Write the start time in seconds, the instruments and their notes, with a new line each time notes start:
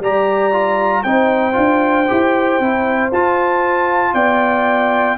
0.00 tuba G3, trombone G4, horn D5, trumpet A#5
0.53 trombone F4
1.04 tuba C4, trombone D#4, horn C5, trumpet G5
1.53 tuba D4, trombone F4
2.08 tuba E4, trombone G4
2.60 tuba C4, trombone E4
3.12 tuba F4, trombone F4, trumpet A5
4.14 tuba B3, horn D5, trumpet G5